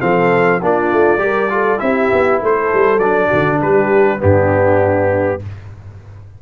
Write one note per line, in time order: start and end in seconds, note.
0.00 0.62 F3
0.00 0.60 C4
0.00 0.61 A4
0.00 0.60 F5
0.62 0.92 A#3
0.62 1.18 D4
0.62 1.22 F4
0.62 1.79 D5
0.92 1.18 A3
1.18 1.78 G3
1.18 1.48 G4
1.18 1.52 A#4
1.50 1.78 F4
1.50 1.82 A4
1.78 2.11 C4
1.78 2.98 E4
1.78 2.41 G4
1.78 2.39 E5
2.12 2.42 B3
2.41 2.73 A3
2.41 3.28 A4
2.41 2.98 C5
2.73 2.98 G3
2.98 3.28 F#3
2.98 4.19 D4
2.98 3.58 D5
3.28 3.61 D3
3.28 3.58 F#4
3.60 4.21 G3
3.60 4.20 G4
3.60 4.21 B4
4.19 5.42 G2
4.19 5.38 B3
4.19 5.40 D4
4.19 5.42 G4